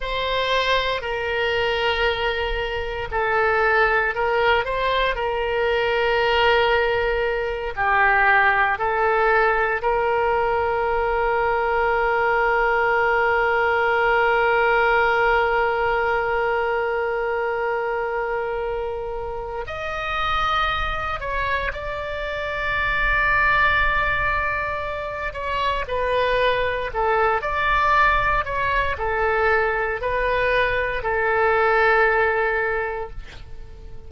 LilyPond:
\new Staff \with { instrumentName = "oboe" } { \time 4/4 \tempo 4 = 58 c''4 ais'2 a'4 | ais'8 c''8 ais'2~ ais'8 g'8~ | g'8 a'4 ais'2~ ais'8~ | ais'1~ |
ais'2. dis''4~ | dis''8 cis''8 d''2.~ | d''8 cis''8 b'4 a'8 d''4 cis''8 | a'4 b'4 a'2 | }